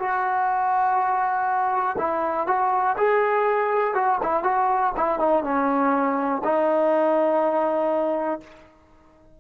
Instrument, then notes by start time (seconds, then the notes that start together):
trombone
0.00 F#4
1.99 E4
2.47 F#4
2.98 G#4
3.94 F#4
4.23 E4
4.44 F#4
4.97 E4
5.19 D#4
5.44 C#4
6.44 D#4